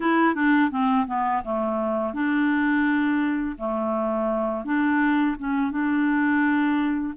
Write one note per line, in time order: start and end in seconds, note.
0.00 0.34 E4
0.34 0.70 D4
0.70 1.06 C4
1.06 1.42 B3
1.44 2.13 A3
2.13 3.56 D4
3.57 4.64 A3
4.64 5.36 D4
5.38 5.71 C#4
5.71 7.14 D4